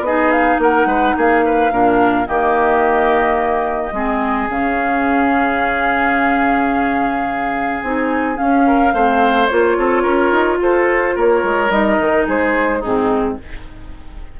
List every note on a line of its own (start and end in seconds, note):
0.00 0.56 B3
0.00 1.71 D#4
0.00 0.32 D#5
0.06 0.62 G#4
0.32 0.59 F5
0.59 0.86 A#3
0.59 0.88 A#4
0.59 1.18 F#5
0.86 1.13 G#3
0.86 1.16 B4
1.17 1.71 A#3
1.17 1.45 G#4
1.17 2.27 F5
1.45 1.73 B4
1.71 2.27 A#2
1.71 2.26 D4
1.71 2.28 A#4
2.26 3.92 D#3
2.26 3.92 A#3
2.26 3.94 G4
2.26 4.49 D#5
3.92 4.48 G#3
3.92 4.49 C4
3.92 8.66 G#4
4.49 7.83 C#3
4.49 7.83 C#4
4.49 7.83 F5
7.83 8.38 C4
7.83 8.35 D#4
7.83 8.37 G#5
8.35 8.91 C#4
8.35 8.94 C#4
8.35 9.47 F5
8.67 8.94 A#4
8.94 9.49 A3
8.94 9.50 C4
8.94 9.77 C5
9.47 9.77 A#3
9.47 11.70 F4
9.47 10.58 C#5
9.77 10.04 C4
9.77 10.03 A4
10.03 10.32 C#4
10.03 10.58 A#4
10.32 10.59 D#4
10.59 11.14 F4
10.59 11.15 A4
10.59 11.18 C5
11.15 11.43 A#3
11.15 12.27 A#4
11.15 11.71 C#5
11.43 11.70 G#3
11.70 11.98 G3
11.70 12.81 D#4
11.70 12.27 D#5
12.00 12.27 D#3
12.27 12.83 G#3
12.27 12.79 G#4
12.27 12.82 C5
12.79 13.40 G#2
12.79 13.39 C4
12.79 13.35 D#4
12.79 13.38 G#4